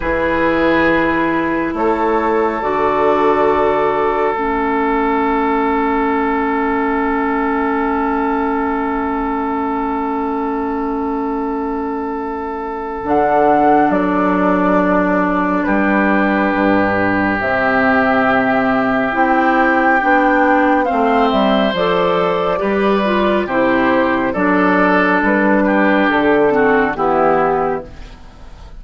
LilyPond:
<<
  \new Staff \with { instrumentName = "flute" } { \time 4/4 \tempo 4 = 69 b'2 cis''4 d''4~ | d''4 e''2.~ | e''1~ | e''2. fis''4 |
d''2 b'2 | e''2 g''2 | f''8 e''8 d''2 c''4 | d''4 b'4 a'4 g'4 | }
  \new Staff \with { instrumentName = "oboe" } { \time 4/4 gis'2 a'2~ | a'1~ | a'1~ | a'1~ |
a'2 g'2~ | g'1 | c''2 b'4 g'4 | a'4. g'4 fis'8 e'4 | }
  \new Staff \with { instrumentName = "clarinet" } { \time 4/4 e'2. fis'4~ | fis'4 cis'2.~ | cis'1~ | cis'2. d'4~ |
d'1 | c'2 e'4 d'4 | c'4 a'4 g'8 f'8 e'4 | d'2~ d'8 c'8 b4 | }
  \new Staff \with { instrumentName = "bassoon" } { \time 4/4 e2 a4 d4~ | d4 a2.~ | a1~ | a2. d4 |
fis2 g4 g,4 | c2 c'4 b4 | a8 g8 f4 g4 c4 | fis4 g4 d4 e4 | }
>>